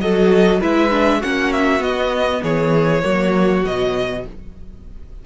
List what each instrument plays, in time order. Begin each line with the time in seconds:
0.00 cello F#3, viola F#4, violin A4 D#5
0.60 cello G#3, viola E4, violin B4 E5
0.91 viola D4
1.19 viola C#4, violin F#4 F#5
1.25 cello A#3
1.53 violin E5
1.79 viola B3, cello B3, violin D#5
2.42 cello E3, violin G#4 C#5
3.03 cello F#3, viola A#3, violin F#4
3.63 cello B2, viola F#3, violin D#5